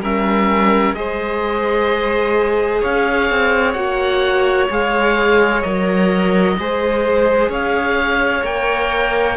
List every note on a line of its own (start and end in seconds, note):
0.00 0.94 G3
0.00 0.96 C#4
0.00 0.96 A#4
0.00 0.94 E5
0.94 2.81 G#3
0.94 3.75 G#4
0.94 2.80 C5
0.94 2.82 D#5
2.80 3.30 C#4
2.80 6.55 C#5
2.80 3.72 F5
3.30 3.75 C4
3.72 4.69 A#3
3.72 4.69 F#4
3.72 4.66 F#5
4.70 5.64 G#3
4.70 5.63 G#4
4.70 5.62 F5
5.62 6.58 F#3
5.62 6.57 A#4
5.62 7.49 D#5
6.58 7.49 G#3
6.58 8.43 G#4
6.58 7.50 C5
7.49 8.43 C#4
7.49 9.37 C#5
7.49 8.45 F5
8.43 9.37 A#3
8.43 9.37 A#4
8.43 9.37 G5